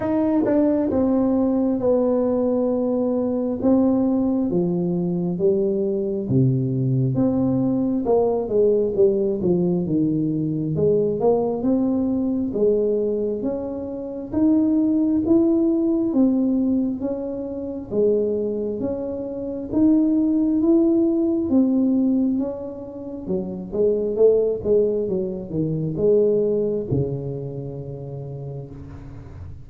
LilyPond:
\new Staff \with { instrumentName = "tuba" } { \time 4/4 \tempo 4 = 67 dis'8 d'8 c'4 b2 | c'4 f4 g4 c4 | c'4 ais8 gis8 g8 f8 dis4 | gis8 ais8 c'4 gis4 cis'4 |
dis'4 e'4 c'4 cis'4 | gis4 cis'4 dis'4 e'4 | c'4 cis'4 fis8 gis8 a8 gis8 | fis8 dis8 gis4 cis2 | }